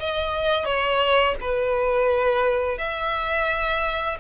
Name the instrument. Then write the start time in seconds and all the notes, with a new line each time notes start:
violin
0.00 D#5
0.66 C#5
1.41 B4
2.78 E5